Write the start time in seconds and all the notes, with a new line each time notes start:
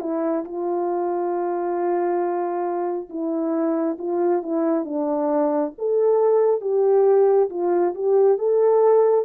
0.00 E4
0.45 F4
3.10 E4
3.99 F4
4.43 E4
4.85 D4
5.78 A4
6.61 G4
7.50 F4
7.95 G4
8.39 A4